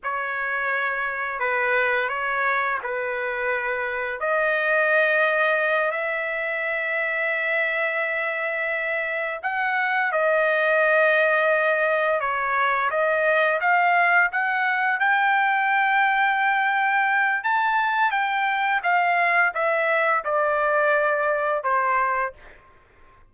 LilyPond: \new Staff \with { instrumentName = "trumpet" } { \time 4/4 \tempo 4 = 86 cis''2 b'4 cis''4 | b'2 dis''2~ | dis''8 e''2.~ e''8~ | e''4. fis''4 dis''4.~ |
dis''4. cis''4 dis''4 f''8~ | f''8 fis''4 g''2~ g''8~ | g''4 a''4 g''4 f''4 | e''4 d''2 c''4 | }